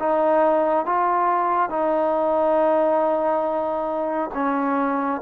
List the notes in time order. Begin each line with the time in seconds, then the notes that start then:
0.00 D#4
0.86 F4
1.70 D#4
4.34 C#4